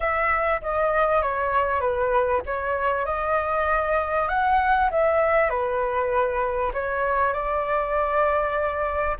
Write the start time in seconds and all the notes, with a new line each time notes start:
0.00 E5
0.61 D#5
1.22 C#5
1.80 B4
2.45 C#5
3.05 D#5
4.28 F#5
4.90 E5
5.49 B4
6.73 C#5
7.33 D5